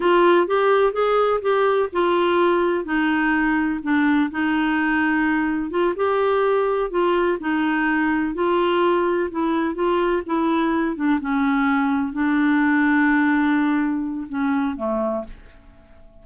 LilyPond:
\new Staff \with { instrumentName = "clarinet" } { \time 4/4 \tempo 4 = 126 f'4 g'4 gis'4 g'4 | f'2 dis'2 | d'4 dis'2. | f'8 g'2 f'4 dis'8~ |
dis'4. f'2 e'8~ | e'8 f'4 e'4. d'8 cis'8~ | cis'4. d'2~ d'8~ | d'2 cis'4 a4 | }